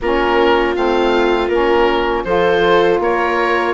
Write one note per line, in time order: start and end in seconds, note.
0.01 0.76 A#3
0.01 0.74 C#4
0.01 2.26 F4
0.01 0.76 A#4
0.74 1.48 A3
0.74 1.49 C4
0.74 1.48 F5
1.48 2.23 A#3
1.48 2.26 C#4
1.48 2.23 A#4
2.24 2.99 F3
2.24 3.74 F4
2.24 3.01 A4
2.24 2.99 C5
2.99 3.74 A#3
2.99 3.74 A#4
2.99 3.74 C#5